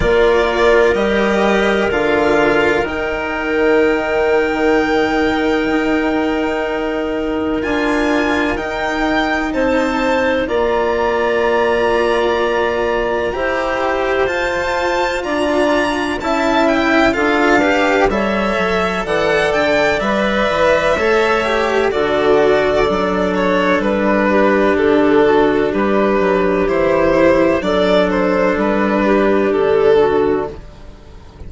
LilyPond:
<<
  \new Staff \with { instrumentName = "violin" } { \time 4/4 \tempo 4 = 63 d''4 dis''4 f''4 g''4~ | g''1 | gis''4 g''4 a''4 ais''4~ | ais''2. a''4 |
ais''4 a''8 g''8 f''4 e''4 | fis''8 g''8 e''2 d''4~ | d''8 cis''8 b'4 a'4 b'4 | c''4 d''8 c''8 b'4 a'4 | }
  \new Staff \with { instrumentName = "clarinet" } { \time 4/4 ais'1~ | ais'1~ | ais'2 c''4 d''4~ | d''2 c''2 |
d''4 e''4 a'8 b'8 cis''4 | d''2 cis''4 a'4~ | a'4. g'4 fis'8 g'4~ | g'4 a'4. g'4 fis'8 | }
  \new Staff \with { instrumentName = "cello" } { \time 4/4 f'4 g'4 f'4 dis'4~ | dis'1 | f'4 dis'2 f'4~ | f'2 g'4 f'4~ |
f'4 e'4 f'8 g'8 a'4~ | a'4 b'4 a'8 g'8 fis'4 | d'1 | e'4 d'2. | }
  \new Staff \with { instrumentName = "bassoon" } { \time 4/4 ais4 g4 d4 dis4~ | dis2 dis'2 | d'4 dis'4 c'4 ais4~ | ais2 e'4 f'4 |
d'4 cis'4 d'4 g8 fis8 | e8 d8 g8 e8 a4 d4 | fis4 g4 d4 g8 fis8 | e4 fis4 g4 d4 | }
>>